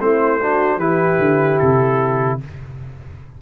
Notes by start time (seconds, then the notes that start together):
0.00 A3 C4 E4 C5
0.41 D4 F#4
0.77 E3 E4 G4 B4
1.19 D3
1.59 C3 A4